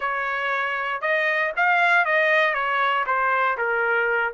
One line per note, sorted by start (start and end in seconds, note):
0.00 1.01 C#5
1.01 1.52 D#5
1.56 2.05 F5
2.05 2.54 D#5
2.54 3.04 C#5
3.06 3.57 C5
3.57 4.33 A#4